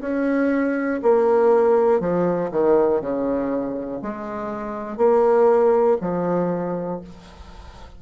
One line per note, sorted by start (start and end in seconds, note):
0.00 1.00 C#4
1.02 2.00 A#3
2.00 2.50 F3
2.50 3.00 D#3
3.00 4.00 C#3
4.02 4.97 G#3
4.97 5.97 A#3
6.00 7.00 F3